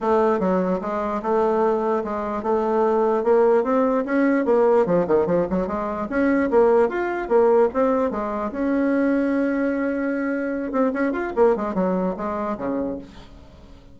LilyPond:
\new Staff \with { instrumentName = "bassoon" } { \time 4/4 \tempo 4 = 148 a4 fis4 gis4 a4~ | a4 gis4 a2 | ais4 c'4 cis'4 ais4 | f8 dis8 f8 fis8 gis4 cis'4 |
ais4 f'4 ais4 c'4 | gis4 cis'2.~ | cis'2~ cis'8 c'8 cis'8 f'8 | ais8 gis8 fis4 gis4 cis4 | }